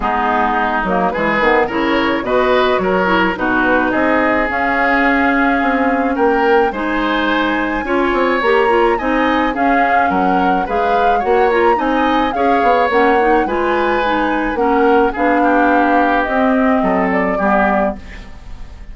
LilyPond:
<<
  \new Staff \with { instrumentName = "flute" } { \time 4/4 \tempo 4 = 107 gis'4. ais'8 b'4 cis''4 | dis''4 cis''4 b'4 dis''4 | f''2. g''4 | gis''2. ais''4 |
gis''4 f''4 fis''4 f''4 | fis''8 ais''8 gis''4 f''4 fis''4 | gis''2 fis''4 f''4~ | f''4 dis''4. d''4. | }
  \new Staff \with { instrumentName = "oboe" } { \time 4/4 dis'2 gis'4 ais'4 | b'4 ais'4 fis'4 gis'4~ | gis'2. ais'4 | c''2 cis''2 |
dis''4 gis'4 ais'4 b'4 | cis''4 dis''4 cis''2 | b'2 ais'4 gis'8 g'8~ | g'2 a'4 g'4 | }
  \new Staff \with { instrumentName = "clarinet" } { \time 4/4 b4. ais8 gis8 b8 e'4 | fis'4. e'8 dis'2 | cis'1 | dis'2 f'4 g'8 f'8 |
dis'4 cis'2 gis'4 | fis'8 f'8 dis'4 gis'4 cis'8 dis'8 | f'4 dis'4 cis'4 d'4~ | d'4 c'2 b4 | }
  \new Staff \with { instrumentName = "bassoon" } { \time 4/4 gis4. fis8 e8 dis8 cis4 | b,4 fis4 b,4 c'4 | cis'2 c'4 ais4 | gis2 cis'8 c'8 ais4 |
c'4 cis'4 fis4 gis4 | ais4 c'4 cis'8 b8 ais4 | gis2 ais4 b4~ | b4 c'4 fis4 g4 | }
>>